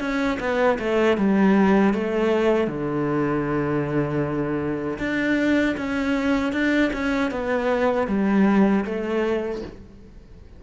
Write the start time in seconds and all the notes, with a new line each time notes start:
0.00 C#4
0.40 B3
0.79 A3
1.17 G3
1.94 A3
2.67 D3
4.99 D4
5.77 C#4
6.53 D4
6.93 C#4
7.31 B3
8.08 G3
8.85 A3